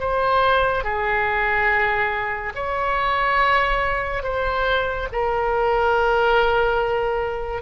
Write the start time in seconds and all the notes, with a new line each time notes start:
0.00 C5
0.84 G#4
2.55 C#5
4.24 C5
5.13 A#4